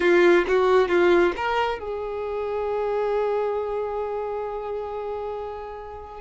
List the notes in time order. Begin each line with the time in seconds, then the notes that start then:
0.00 F4
0.47 F#4
0.88 F4
1.36 A#4
1.79 G#4